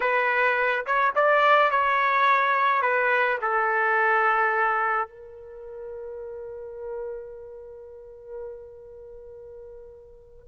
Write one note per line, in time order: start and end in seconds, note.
0.00 0.85 B4
0.85 1.14 C#5
1.15 1.70 D5
1.70 2.81 C#5
2.81 3.38 B4
3.41 5.08 A4
5.08 10.46 A#4